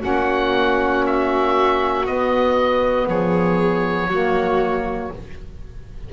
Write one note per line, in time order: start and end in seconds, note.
0.00 2.06 A#3
0.00 2.03 C#4
0.00 3.06 F#4
0.00 1.06 F#5
1.06 2.06 E5
2.06 4.09 B3
2.06 3.08 B3
2.06 3.08 D#5
3.08 4.08 F3
3.08 4.09 G#4
3.08 5.13 C#5
4.08 5.10 F#3
4.08 5.13 A#3
4.08 5.11 F#4